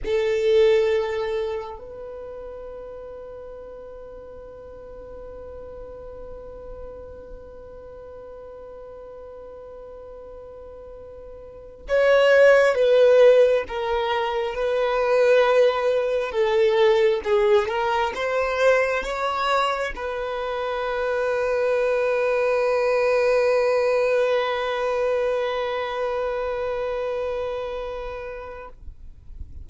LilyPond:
\new Staff \with { instrumentName = "violin" } { \time 4/4 \tempo 4 = 67 a'2 b'2~ | b'1~ | b'1~ | b'4~ b'16 cis''4 b'4 ais'8.~ |
ais'16 b'2 a'4 gis'8 ais'16~ | ais'16 c''4 cis''4 b'4.~ b'16~ | b'1~ | b'1 | }